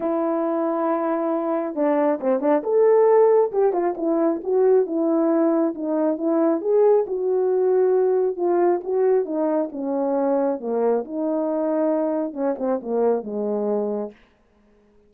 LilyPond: \new Staff \with { instrumentName = "horn" } { \time 4/4 \tempo 4 = 136 e'1 | d'4 c'8 d'8 a'2 | g'8 f'8 e'4 fis'4 e'4~ | e'4 dis'4 e'4 gis'4 |
fis'2. f'4 | fis'4 dis'4 cis'2 | ais4 dis'2. | cis'8 c'8 ais4 gis2 | }